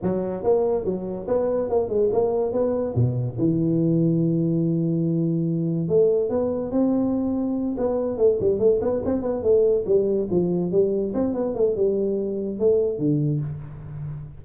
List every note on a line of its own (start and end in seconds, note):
0.02 0.43 F#3
0.43 0.84 A#3
0.84 1.26 F#3
1.27 1.69 B3
1.69 1.88 A#3
1.88 2.09 G#3
2.12 2.52 A#3
2.52 2.94 B3
2.95 3.37 B2
3.38 5.88 E3
5.88 6.29 A3
6.29 6.71 B3
6.71 7.76 C4
7.77 8.17 B3
8.17 8.38 A3
8.40 8.59 G3
8.59 8.80 A3
8.81 9.02 B3
9.05 9.22 C4
9.22 9.42 B3
9.42 9.84 A3
9.86 10.28 G3
10.30 10.71 F3
10.71 11.13 G3
11.13 11.33 C4
11.33 11.54 B3
11.54 11.75 A3
11.76 12.59 G3
12.59 12.98 A3
12.98 13.40 D3